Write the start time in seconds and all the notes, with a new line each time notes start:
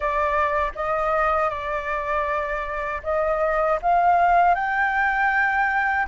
0.00 D5
0.75 D#5
1.49 D5
3.03 D#5
3.81 F5
4.55 G5